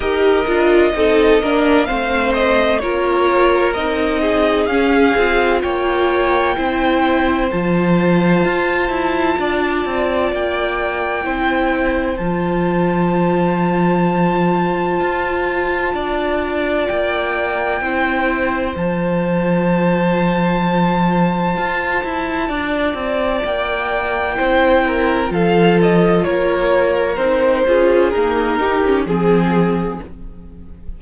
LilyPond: <<
  \new Staff \with { instrumentName = "violin" } { \time 4/4 \tempo 4 = 64 dis''2 f''8 dis''8 cis''4 | dis''4 f''4 g''2 | a''2. g''4~ | g''4 a''2.~ |
a''2 g''2 | a''1~ | a''4 g''2 f''8 dis''8 | cis''4 c''4 ais'4 gis'4 | }
  \new Staff \with { instrumentName = "violin" } { \time 4/4 ais'4 a'8 ais'8 c''4 ais'4~ | ais'8 gis'4. cis''4 c''4~ | c''2 d''2 | c''1~ |
c''4 d''2 c''4~ | c''1 | d''2 c''8 ais'8 a'4 | ais'4. gis'4 g'8 gis'4 | }
  \new Staff \with { instrumentName = "viola" } { \time 4/4 g'8 f'8 dis'8 d'8 c'4 f'4 | dis'4 cis'8 f'4. e'4 | f'1 | e'4 f'2.~ |
f'2. e'4 | f'1~ | f'2 e'4 f'4~ | f'4 dis'8 f'8 ais8 dis'16 cis'16 c'4 | }
  \new Staff \with { instrumentName = "cello" } { \time 4/4 dis'8 d'8 c'8 ais8 a4 ais4 | c'4 cis'8 c'8 ais4 c'4 | f4 f'8 e'8 d'8 c'8 ais4 | c'4 f2. |
f'4 d'4 ais4 c'4 | f2. f'8 e'8 | d'8 c'8 ais4 c'4 f4 | ais4 c'8 cis'8 dis'4 f4 | }
>>